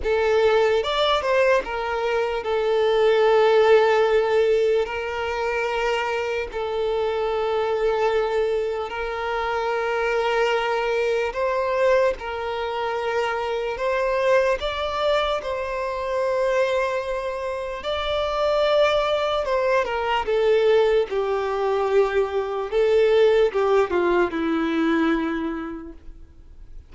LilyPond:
\new Staff \with { instrumentName = "violin" } { \time 4/4 \tempo 4 = 74 a'4 d''8 c''8 ais'4 a'4~ | a'2 ais'2 | a'2. ais'4~ | ais'2 c''4 ais'4~ |
ais'4 c''4 d''4 c''4~ | c''2 d''2 | c''8 ais'8 a'4 g'2 | a'4 g'8 f'8 e'2 | }